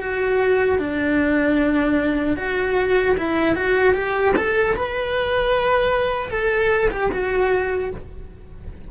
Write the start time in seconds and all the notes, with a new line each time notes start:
0.00 F#4
0.78 D4
2.36 F#4
3.17 E4
3.55 F#4
3.94 G4
4.36 A4
4.76 B4
6.31 A4
6.90 G4
7.12 F#4